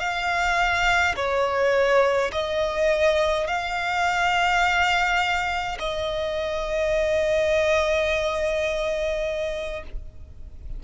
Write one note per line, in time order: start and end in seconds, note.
0.00 1.15 F5
1.16 2.31 C#5
2.32 3.47 D#5
3.47 5.78 F5
5.80 9.83 D#5